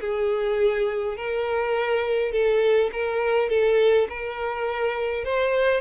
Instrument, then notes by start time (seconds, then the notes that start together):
violin
0.00 G#4
1.17 A#4
2.31 A4
2.92 A#4
3.49 A4
4.09 A#4
5.24 C5